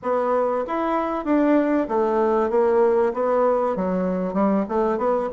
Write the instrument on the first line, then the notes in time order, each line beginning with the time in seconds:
bassoon
0.02 B3
0.67 E4
1.24 D4
1.88 A3
2.50 A#3
3.13 B3
3.76 F#3
4.33 G3
4.68 A3
4.98 B3